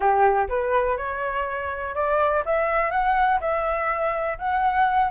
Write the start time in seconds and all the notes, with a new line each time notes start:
0.00 G4
0.49 B4
0.97 C#5
1.94 D5
2.45 E5
2.90 F#5
3.40 E5
4.38 F#5